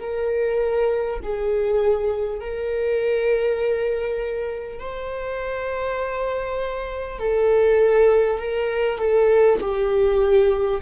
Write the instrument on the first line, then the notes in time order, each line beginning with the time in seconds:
viola
0.00 A#4
1.23 G#4
2.40 A#4
4.79 C5
7.19 A4
8.39 A#4
8.98 A4
9.61 G4